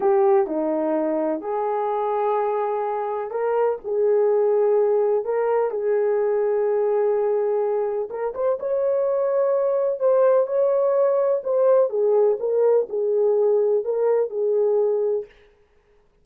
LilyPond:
\new Staff \with { instrumentName = "horn" } { \time 4/4 \tempo 4 = 126 g'4 dis'2 gis'4~ | gis'2. ais'4 | gis'2. ais'4 | gis'1~ |
gis'4 ais'8 c''8 cis''2~ | cis''4 c''4 cis''2 | c''4 gis'4 ais'4 gis'4~ | gis'4 ais'4 gis'2 | }